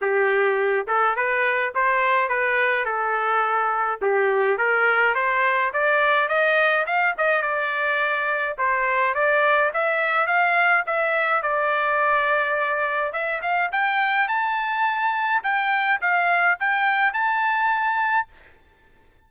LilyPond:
\new Staff \with { instrumentName = "trumpet" } { \time 4/4 \tempo 4 = 105 g'4. a'8 b'4 c''4 | b'4 a'2 g'4 | ais'4 c''4 d''4 dis''4 | f''8 dis''8 d''2 c''4 |
d''4 e''4 f''4 e''4 | d''2. e''8 f''8 | g''4 a''2 g''4 | f''4 g''4 a''2 | }